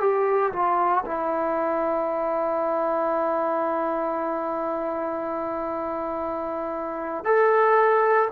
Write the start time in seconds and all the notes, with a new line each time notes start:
0.00 G4
0.52 F4
1.05 E4
7.24 A4